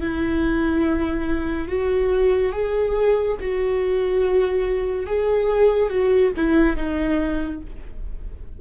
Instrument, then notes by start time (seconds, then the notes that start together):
viola
0.00 E4
1.67 F#4
2.52 G#4
3.40 F#4
5.06 G#4
5.89 F#4
6.36 E4
6.76 D#4